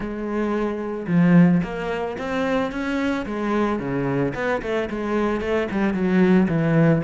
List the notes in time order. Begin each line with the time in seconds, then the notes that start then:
0.00 G#3
1.07 F3
1.63 A#3
2.17 C4
2.71 C#4
3.26 G#3
3.79 C#3
4.34 B3
4.62 A3
4.89 G#3
5.40 A3
5.71 G3
5.93 F#3
6.48 E3